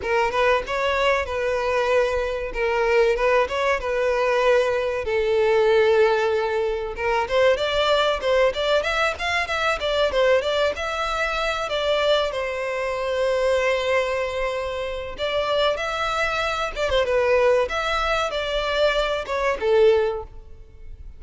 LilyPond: \new Staff \with { instrumentName = "violin" } { \time 4/4 \tempo 4 = 95 ais'8 b'8 cis''4 b'2 | ais'4 b'8 cis''8 b'2 | a'2. ais'8 c''8 | d''4 c''8 d''8 e''8 f''8 e''8 d''8 |
c''8 d''8 e''4. d''4 c''8~ | c''1 | d''4 e''4. d''16 c''16 b'4 | e''4 d''4. cis''8 a'4 | }